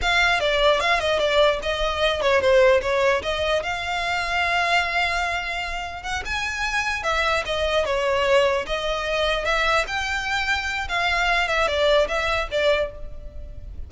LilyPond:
\new Staff \with { instrumentName = "violin" } { \time 4/4 \tempo 4 = 149 f''4 d''4 f''8 dis''8 d''4 | dis''4. cis''8 c''4 cis''4 | dis''4 f''2.~ | f''2. fis''8 gis''8~ |
gis''4. e''4 dis''4 cis''8~ | cis''4. dis''2 e''8~ | e''8 g''2~ g''8 f''4~ | f''8 e''8 d''4 e''4 d''4 | }